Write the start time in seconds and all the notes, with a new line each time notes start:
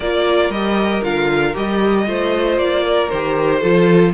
0.00 A#3 F4 A#4 D5
0.49 G3 G4 D#5
1.02 D3 F4 F5
1.53 G3 G4 D#5
2.06 A3 F4 C5
2.57 A#3 D5
2.83 A#4
3.09 D#3 G4 C5
3.60 F3 F4 A4